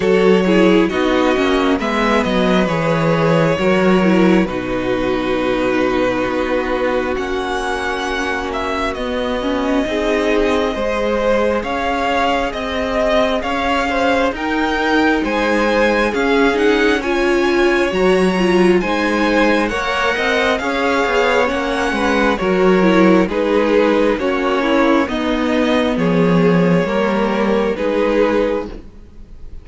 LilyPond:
<<
  \new Staff \with { instrumentName = "violin" } { \time 4/4 \tempo 4 = 67 cis''4 dis''4 e''8 dis''8 cis''4~ | cis''4 b'2. | fis''4. e''8 dis''2~ | dis''4 f''4 dis''4 f''4 |
g''4 gis''4 f''8 fis''8 gis''4 | ais''4 gis''4 fis''4 f''4 | fis''4 cis''4 b'4 cis''4 | dis''4 cis''2 b'4 | }
  \new Staff \with { instrumentName = "violin" } { \time 4/4 a'8 gis'8 fis'4 b'2 | ais'4 fis'2.~ | fis'2. gis'4 | c''4 cis''4 dis''4 cis''8 c''8 |
ais'4 c''4 gis'4 cis''4~ | cis''4 c''4 cis''8 dis''8 cis''4~ | cis''8 b'8 ais'4 gis'4 fis'8 e'8 | dis'4 gis'4 ais'4 gis'4 | }
  \new Staff \with { instrumentName = "viola" } { \time 4/4 fis'8 e'8 dis'8 cis'8 b4 gis'4 | fis'8 e'8 dis'2. | cis'2 b8 cis'8 dis'4 | gis'1 |
dis'2 cis'8 dis'8 f'4 | fis'8 f'8 dis'4 ais'4 gis'4 | cis'4 fis'8 e'8 dis'4 cis'4 | b2 ais4 dis'4 | }
  \new Staff \with { instrumentName = "cello" } { \time 4/4 fis4 b8 ais8 gis8 fis8 e4 | fis4 b,2 b4 | ais2 b4 c'4 | gis4 cis'4 c'4 cis'4 |
dis'4 gis4 cis'2 | fis4 gis4 ais8 c'8 cis'8 b8 | ais8 gis8 fis4 gis4 ais4 | b4 f4 g4 gis4 | }
>>